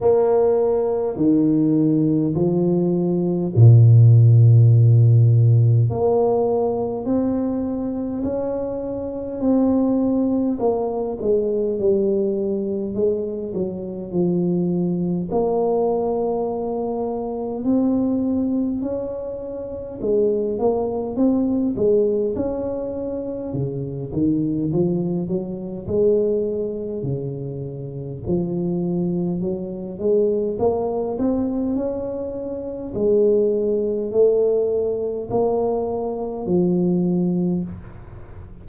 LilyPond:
\new Staff \with { instrumentName = "tuba" } { \time 4/4 \tempo 4 = 51 ais4 dis4 f4 ais,4~ | ais,4 ais4 c'4 cis'4 | c'4 ais8 gis8 g4 gis8 fis8 | f4 ais2 c'4 |
cis'4 gis8 ais8 c'8 gis8 cis'4 | cis8 dis8 f8 fis8 gis4 cis4 | f4 fis8 gis8 ais8 c'8 cis'4 | gis4 a4 ais4 f4 | }